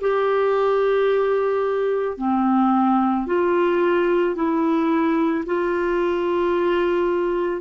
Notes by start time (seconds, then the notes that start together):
0.00 G4
2.17 C4
3.26 F4
4.35 E4
5.45 F4